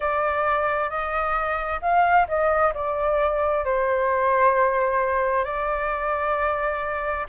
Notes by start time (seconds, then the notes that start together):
0.00 D5
0.89 D#5
1.81 F5
2.27 D#5
2.74 D5
3.64 C5
5.44 D5